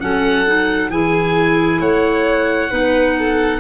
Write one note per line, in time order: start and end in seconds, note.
0.00 0.89 F#3
0.00 0.46 C#4
0.00 0.91 A4
0.00 0.91 F#5
0.46 0.91 D#4
0.89 1.80 E3
0.89 2.70 E4
0.89 1.79 G#4
0.89 1.81 G#5
1.79 2.71 A3
1.79 2.70 C#5
1.79 3.60 F#5
2.70 3.60 B3
2.70 3.60 D#4
2.70 3.16 B4
3.18 3.60 A4